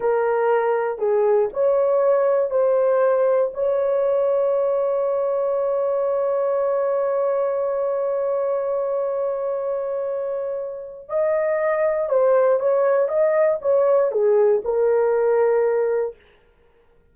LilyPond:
\new Staff \with { instrumentName = "horn" } { \time 4/4 \tempo 4 = 119 ais'2 gis'4 cis''4~ | cis''4 c''2 cis''4~ | cis''1~ | cis''1~ |
cis''1~ | cis''2 dis''2 | c''4 cis''4 dis''4 cis''4 | gis'4 ais'2. | }